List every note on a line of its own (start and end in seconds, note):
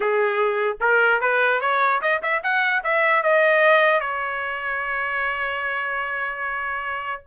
0.00 0.77 G#4
0.80 1.20 A#4
1.20 1.60 B4
1.60 2.01 C#5
2.01 2.21 D#5
2.22 2.42 E5
2.43 2.83 F#5
2.83 3.23 E5
3.23 4.00 D#5
4.00 7.22 C#5